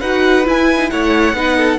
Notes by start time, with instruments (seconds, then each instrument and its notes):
0.00 cello D#4, viola F#4, violin B4 F#5
0.46 viola E4, cello E4, violin G#5
0.78 viola D#4
0.91 cello A3, viola E4, violin C#5 F#5
1.33 cello B3, viola D#4, violin B4
1.57 violin A4